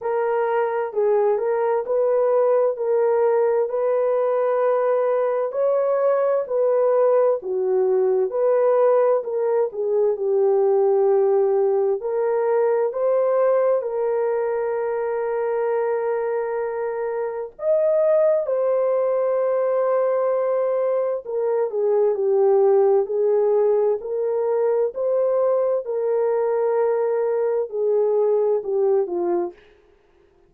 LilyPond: \new Staff \with { instrumentName = "horn" } { \time 4/4 \tempo 4 = 65 ais'4 gis'8 ais'8 b'4 ais'4 | b'2 cis''4 b'4 | fis'4 b'4 ais'8 gis'8 g'4~ | g'4 ais'4 c''4 ais'4~ |
ais'2. dis''4 | c''2. ais'8 gis'8 | g'4 gis'4 ais'4 c''4 | ais'2 gis'4 g'8 f'8 | }